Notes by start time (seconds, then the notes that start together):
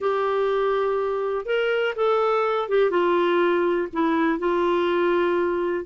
0.00 G4
1.45 A#4
1.95 A4
2.68 G4
2.90 F4
3.93 E4
4.39 F4